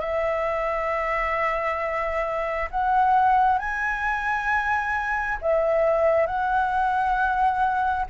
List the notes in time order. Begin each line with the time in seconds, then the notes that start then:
0.00 E5
2.70 F#5
3.59 G#5
5.41 E5
6.26 F#5